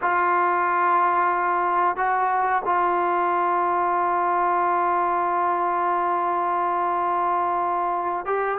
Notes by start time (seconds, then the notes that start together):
0.01 F4
1.96 F#4
2.65 F4
8.25 G4